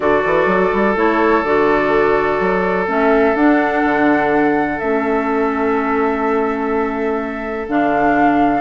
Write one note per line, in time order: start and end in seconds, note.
0.00 0.23 D3
0.00 0.95 F#4
0.00 8.61 A4
0.00 0.96 D5
0.25 0.46 E3
0.46 0.70 F#3
0.72 0.96 G3
0.95 1.43 A3
0.95 1.43 E4
0.95 1.43 C#5
1.43 2.39 D3
1.43 2.87 F#4
1.43 2.87 D5
2.40 2.87 F#3
2.87 3.35 A3
2.87 3.35 C#4
2.87 3.35 E5
3.35 3.83 D4
3.35 4.80 D4
3.35 4.78 F#5
3.84 4.80 D3
4.78 7.68 A3
4.78 7.68 C#4
4.78 7.66 E5
7.68 8.61 D3
7.68 8.61 D4
7.68 8.61 F5